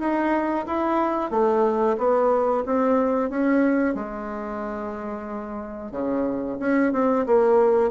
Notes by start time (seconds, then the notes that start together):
0.00 D#4
0.67 E4
1.31 A3
1.98 B3
2.66 C4
3.30 C#4
3.95 G#3
5.92 C#3
6.60 C#4
6.93 C4
7.26 A#3